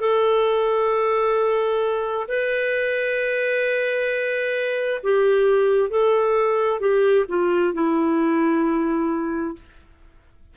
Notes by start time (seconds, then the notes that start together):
0.00 A4
2.29 B4
5.03 G4
5.90 A4
6.80 G4
7.29 F4
7.74 E4